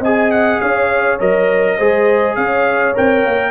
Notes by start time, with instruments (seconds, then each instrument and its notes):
0.00 tuba C4, trombone G#4, horn D#5, trumpet G#5
0.31 trumpet F#5
0.61 tuba C#4, horn C#5, trumpet F5
1.20 tuba F#3, trombone A#4, trumpet D#5
1.77 tuba G#3, trombone G#4, horn C5
2.36 tuba C#4, horn C#5, trumpet F5
2.95 tuba C4, trombone A#4, trumpet G5
3.25 tuba A#3